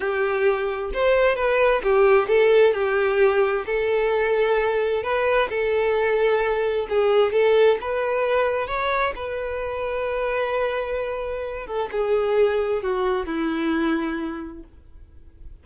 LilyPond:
\new Staff \with { instrumentName = "violin" } { \time 4/4 \tempo 4 = 131 g'2 c''4 b'4 | g'4 a'4 g'2 | a'2. b'4 | a'2. gis'4 |
a'4 b'2 cis''4 | b'1~ | b'4. a'8 gis'2 | fis'4 e'2. | }